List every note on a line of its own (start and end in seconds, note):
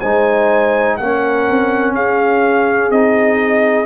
0.00 0.99 G#3
0.00 1.00 D#4
0.00 0.97 C5
0.00 0.97 G#5
0.97 1.48 A#3
0.97 2.93 C#4
0.97 1.96 A#4
0.97 1.94 F#5
1.50 1.94 C4
1.94 2.90 C#4
1.94 3.86 G#4
1.94 2.92 F5
2.90 3.86 C4
2.90 3.86 D#4
2.90 3.86 D#5